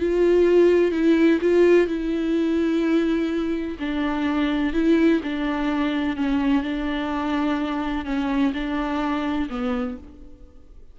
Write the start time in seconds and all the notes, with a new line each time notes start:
0.00 F4
0.92 E4
1.42 F4
1.88 E4
3.80 D4
4.74 E4
5.24 D4
6.17 C#4
6.63 D4
8.06 C#4
8.54 D4
9.50 B3